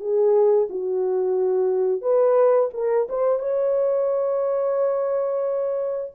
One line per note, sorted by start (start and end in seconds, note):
0.00 0.68 G#4
0.70 2.01 F#4
2.01 2.70 B4
2.73 3.07 A#4
3.09 3.39 C5
3.39 6.12 C#5